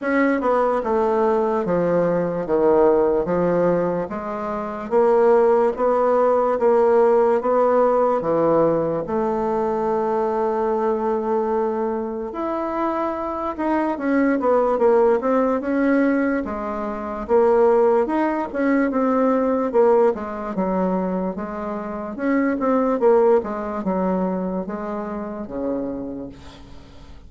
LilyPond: \new Staff \with { instrumentName = "bassoon" } { \time 4/4 \tempo 4 = 73 cis'8 b8 a4 f4 dis4 | f4 gis4 ais4 b4 | ais4 b4 e4 a4~ | a2. e'4~ |
e'8 dis'8 cis'8 b8 ais8 c'8 cis'4 | gis4 ais4 dis'8 cis'8 c'4 | ais8 gis8 fis4 gis4 cis'8 c'8 | ais8 gis8 fis4 gis4 cis4 | }